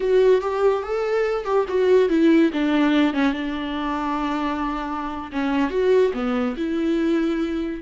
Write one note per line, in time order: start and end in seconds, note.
0.00 0.41 F#4
0.41 0.82 G4
0.82 1.44 A4
1.44 1.65 G4
1.68 2.09 F#4
2.09 2.50 E4
2.52 3.13 D4
3.13 3.32 C#4
3.32 5.30 D4
5.32 5.70 C#4
5.70 6.11 F#4
6.13 6.55 B3
6.56 7.81 E4